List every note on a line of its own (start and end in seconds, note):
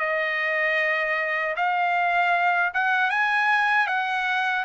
0.00 1.56 D#5
1.57 2.73 F5
2.74 3.11 F#5
3.11 3.87 G#5
3.87 4.65 F#5